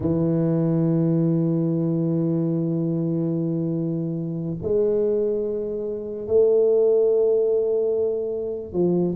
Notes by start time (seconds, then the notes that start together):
0.00 E3
4.61 G#3
6.27 A3
8.72 F3